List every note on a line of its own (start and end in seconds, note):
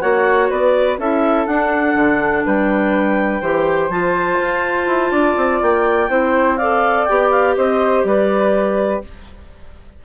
0.00 0.50 A#3
0.00 0.98 F#4
0.00 0.50 C#5
0.00 0.49 F#5
0.49 0.98 B3
0.49 0.99 B4
0.49 0.98 D5
0.98 1.46 C#4
0.98 1.47 E4
0.98 2.45 A4
0.98 1.46 E5
1.46 1.95 D4
1.46 3.42 D4
1.46 2.44 F#5
1.95 2.43 D3
2.45 3.41 G3
2.45 3.41 B4
2.45 3.91 G5
3.41 3.89 E3
3.41 3.91 G4
3.41 5.11 C5
3.89 4.37 F3
3.89 6.09 F4
3.89 5.62 A5
4.39 4.86 F4
4.86 5.11 E4
5.11 5.35 D4
5.11 6.09 D5
5.36 5.61 C4
5.62 6.09 A#3
5.62 6.56 G5
6.09 7.06 C4
6.09 6.58 E4
6.09 6.58 C5
6.56 7.09 A4
6.56 7.55 D5
6.56 7.05 F5
7.05 7.57 B3
7.05 9.04 G4
7.05 7.29 G5
7.30 7.55 F5
7.56 8.04 C4
7.56 8.06 C5
7.56 8.04 D#5
8.04 9.01 G3
8.04 9.04 B4
8.04 9.02 D5